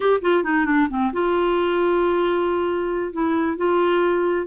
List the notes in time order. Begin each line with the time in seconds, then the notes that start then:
0.00 G4
0.21 F4
0.43 D#4
0.65 D4
0.90 C4
1.12 F4
3.12 E4
3.57 F4